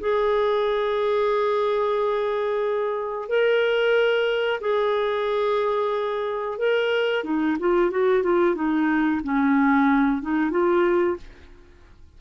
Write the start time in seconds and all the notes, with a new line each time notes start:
0.00 G#4
3.29 A#4
4.61 G#4
6.58 A#4
7.24 D#4
7.60 F4
7.91 F#4
8.23 F4
8.56 D#4
9.24 C#4
10.22 D#4
10.51 F4